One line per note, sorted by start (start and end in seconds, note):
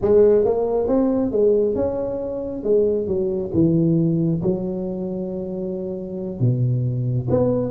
0.01 0.44 G#3
0.44 0.87 A#3
0.87 1.31 C4
1.31 1.75 G#3
1.75 2.63 C#4
2.63 3.06 G#3
3.06 3.51 F#3
3.53 4.41 E3
4.42 6.40 F#3
6.40 7.28 B2
7.30 7.71 B3